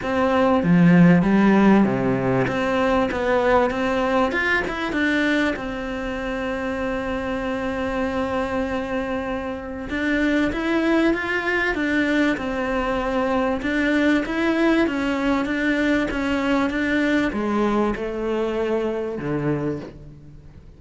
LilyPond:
\new Staff \with { instrumentName = "cello" } { \time 4/4 \tempo 4 = 97 c'4 f4 g4 c4 | c'4 b4 c'4 f'8 e'8 | d'4 c'2.~ | c'1 |
d'4 e'4 f'4 d'4 | c'2 d'4 e'4 | cis'4 d'4 cis'4 d'4 | gis4 a2 d4 | }